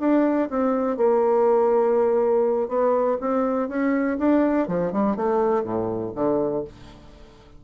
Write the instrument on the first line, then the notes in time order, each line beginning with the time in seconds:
bassoon
0.00 D4
0.50 C4
0.97 A#3
2.68 B3
3.21 C4
3.69 C#4
4.19 D4
4.68 F3
4.92 G3
5.16 A3
5.63 A2
6.15 D3